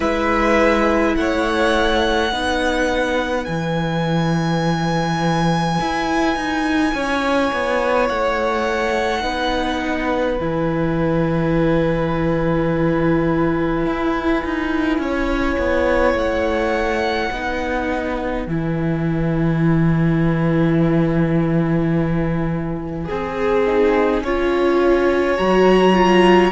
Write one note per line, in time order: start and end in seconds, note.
0.00 1.15 G#3
0.00 2.30 E4
0.00 1.15 B4
0.00 1.15 E5
1.15 2.31 A3
1.15 2.34 C#5
1.15 3.44 F#5
2.31 3.46 B3
2.31 3.45 D#4
2.31 6.93 B4
3.44 5.78 E3
3.44 9.21 E4
3.44 8.06 G#5
5.80 6.35 E4
6.35 6.93 D#4
6.93 7.51 C#4
6.93 9.21 C#5
7.52 8.09 B3
8.08 9.23 A3
8.08 10.39 F#5
9.21 10.39 B3
9.21 10.37 D#4
9.21 14.98 B4
10.39 13.86 E3
10.39 17.32 E4
10.39 16.16 G#5
13.86 14.43 E4
14.44 14.98 D#4
14.98 15.56 C#4
14.98 17.32 C#5
15.58 16.14 B3
16.14 17.29 A3
16.14 18.48 F#5
17.31 18.46 B3
17.31 18.47 D#4
17.31 23.07 B4
18.46 23.08 E3
18.46 23.04 E4
18.46 25.37 G#5
23.04 23.62 G#4
23.04 24.23 G#4
23.10 24.22 C4
23.66 24.24 D#4
24.22 25.37 C#4
24.22 25.38 F4
24.22 26.51 C#5
25.37 26.51 F#3
25.37 25.93 F#4
25.37 26.51 A#5
25.93 26.51 F4